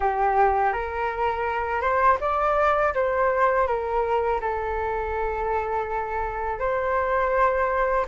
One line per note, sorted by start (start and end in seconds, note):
0.00 0.72 G4
0.72 1.81 A#4
1.81 2.17 C5
2.20 2.93 D5
2.94 3.67 C5
3.67 4.40 A#4
4.40 6.59 A4
6.59 8.05 C5